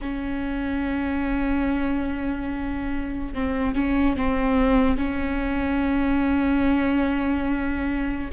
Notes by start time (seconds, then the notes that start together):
0.01 C#4
3.34 C4
3.74 C#4
4.16 C4
4.97 C#4